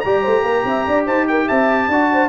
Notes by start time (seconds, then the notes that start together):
0.00 G3 G4 D5 A#5
0.22 A3 C5
0.43 A#3 A#4
0.65 C4 E5
0.86 D4 D5
1.06 D#4 C5 A5
1.28 A#4 G5
1.46 C4 E5 A5
1.88 D4 F#4 D5
2.12 C5